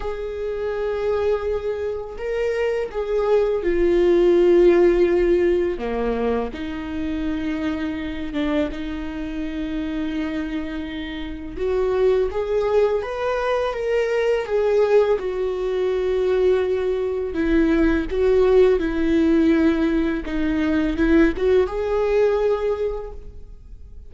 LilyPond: \new Staff \with { instrumentName = "viola" } { \time 4/4 \tempo 4 = 83 gis'2. ais'4 | gis'4 f'2. | ais4 dis'2~ dis'8 d'8 | dis'1 |
fis'4 gis'4 b'4 ais'4 | gis'4 fis'2. | e'4 fis'4 e'2 | dis'4 e'8 fis'8 gis'2 | }